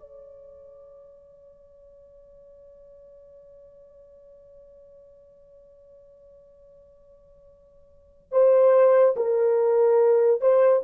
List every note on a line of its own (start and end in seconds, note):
0.00 8.32 C#5
8.32 9.15 C5
9.16 10.41 A#4
10.41 10.83 C5